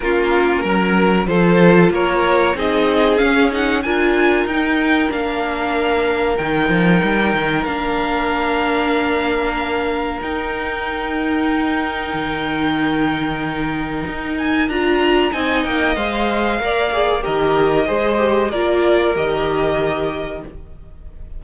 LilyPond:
<<
  \new Staff \with { instrumentName = "violin" } { \time 4/4 \tempo 4 = 94 ais'2 c''4 cis''4 | dis''4 f''8 fis''8 gis''4 g''4 | f''2 g''2 | f''1 |
g''1~ | g''2~ g''8 gis''8 ais''4 | gis''8 g''8 f''2 dis''4~ | dis''4 d''4 dis''2 | }
  \new Staff \with { instrumentName = "violin" } { \time 4/4 f'4 ais'4 a'4 ais'4 | gis'2 ais'2~ | ais'1~ | ais'1~ |
ais'1~ | ais'1 | dis''2 d''4 ais'4 | c''4 ais'2. | }
  \new Staff \with { instrumentName = "viola" } { \time 4/4 cis'2 f'2 | dis'4 cis'8 dis'8 f'4 dis'4 | d'2 dis'2 | d'1 |
dis'1~ | dis'2. f'4 | dis'4 c''4 ais'8 gis'8 g'4 | gis'8 g'8 f'4 g'2 | }
  \new Staff \with { instrumentName = "cello" } { \time 4/4 ais4 fis4 f4 ais4 | c'4 cis'4 d'4 dis'4 | ais2 dis8 f8 g8 dis8 | ais1 |
dis'2. dis4~ | dis2 dis'4 d'4 | c'8 ais8 gis4 ais4 dis4 | gis4 ais4 dis2 | }
>>